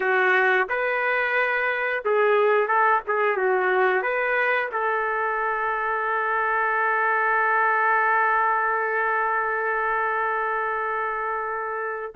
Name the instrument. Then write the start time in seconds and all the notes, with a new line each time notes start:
trumpet
0.00 F#4
0.69 B4
2.04 G#4
2.67 A4
3.07 G#4
3.36 F#4
4.02 B4
4.72 A4